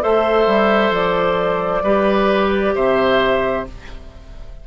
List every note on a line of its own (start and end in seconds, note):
0.00 0.46 A3
0.00 1.82 A4
0.00 1.83 C5
0.00 0.93 E5
0.46 0.90 G3
0.90 1.81 F3
0.90 2.74 D5
1.82 2.73 G3
1.82 3.66 G4
1.82 2.74 B4
2.74 3.66 C3
2.74 3.66 C5
2.74 3.65 E5